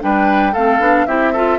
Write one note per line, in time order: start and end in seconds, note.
0.00 0.55 G3
0.00 0.53 D4
0.00 0.53 B4
0.00 0.55 G5
0.53 0.79 A3
0.53 0.80 C4
0.53 1.06 A4
0.53 1.06 F5
0.79 1.06 B3
0.79 1.06 D4
1.06 1.58 C4
1.06 1.34 E4
1.06 1.33 G4
1.06 1.58 E5
1.33 1.58 F4
1.33 1.58 A4